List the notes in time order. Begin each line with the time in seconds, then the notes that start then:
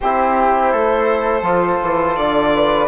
0.00 C4 E4 G4 C5
0.72 A3 A4
1.42 F3 F4
1.81 E3
2.16 D3 D5
2.54 B4